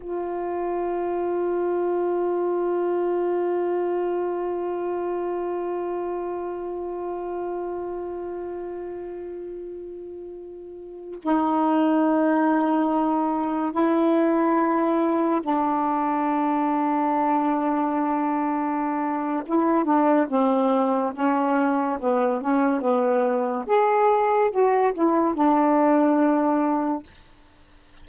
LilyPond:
\new Staff \with { instrumentName = "saxophone" } { \time 4/4 \tempo 4 = 71 f'1~ | f'1~ | f'1~ | f'4~ f'16 dis'2~ dis'8.~ |
dis'16 e'2 d'4.~ d'16~ | d'2. e'8 d'8 | c'4 cis'4 b8 cis'8 b4 | gis'4 fis'8 e'8 d'2 | }